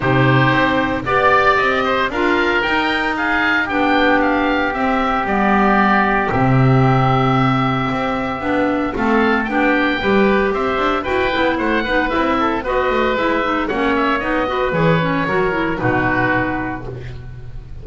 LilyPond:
<<
  \new Staff \with { instrumentName = "oboe" } { \time 4/4 \tempo 4 = 114 c''2 d''4 dis''4 | f''4 g''4 f''4 g''4 | f''4 e''4 d''2 | e''1~ |
e''4 f''4 g''2 | e''4 g''4 fis''4 e''4 | dis''4 e''4 fis''8 e''8 dis''4 | cis''2 b'2 | }
  \new Staff \with { instrumentName = "oboe" } { \time 4/4 g'2 d''4. c''8 | ais'2 gis'4 g'4~ | g'1~ | g'1~ |
g'4 a'4 g'4 b'4 | c''4 b'4 c''8 b'4 a'8 | b'2 cis''4. b'8~ | b'4 ais'4 fis'2 | }
  \new Staff \with { instrumentName = "clarinet" } { \time 4/4 dis'2 g'2 | f'4 dis'2 d'4~ | d'4 c'4 b2 | c'1 |
d'4 c'4 d'4 g'4~ | g'4 fis'8 e'4 dis'8 e'4 | fis'4 e'8 dis'8 cis'4 dis'8 fis'8 | gis'8 cis'8 fis'8 e'8 dis'2 | }
  \new Staff \with { instrumentName = "double bass" } { \time 4/4 c4 c'4 b4 c'4 | d'4 dis'2 b4~ | b4 c'4 g2 | c2. c'4 |
b4 a4 b4 g4 | c'8 d'8 e'8 b8 a8 b8 c'4 | b8 a8 gis4 ais4 b4 | e4 fis4 b,2 | }
>>